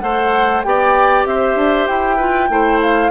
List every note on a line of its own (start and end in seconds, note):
0.00 0.64 A3
0.00 0.62 A4
0.00 0.65 C5
0.00 0.62 F#5
0.63 1.25 B3
0.63 2.19 G4
0.63 1.28 D5
0.63 1.25 G5
1.25 1.55 C4
1.25 2.16 C5
1.25 1.87 E5
1.55 1.86 D4
1.87 2.49 E4
1.87 2.79 G5
2.16 2.49 F4
2.16 2.47 B4
2.49 3.10 A3
2.49 3.10 E4
2.49 3.10 C5
2.82 3.10 F5